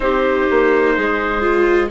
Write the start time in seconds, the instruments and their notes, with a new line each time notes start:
0.00 bassoon C4, viola D#4, clarinet G4, trumpet C5
0.50 bassoon A#3
0.95 bassoon G#3, clarinet G#4
1.41 viola F4